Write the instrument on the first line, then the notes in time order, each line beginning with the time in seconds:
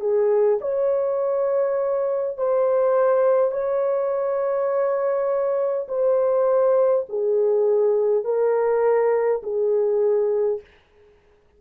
horn
0.00 G#4
0.60 C#5
2.37 C5
3.51 C#5
5.88 C5
7.09 G#4
8.24 A#4
9.43 G#4